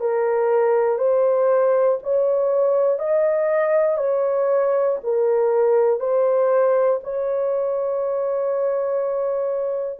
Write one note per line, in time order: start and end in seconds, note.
0.00 0.99 A#4
0.99 1.99 C5
2.03 3.00 C#5
3.00 3.98 D#5
3.98 4.98 C#5
5.04 6.00 A#4
6.00 7.00 C5
7.04 10.00 C#5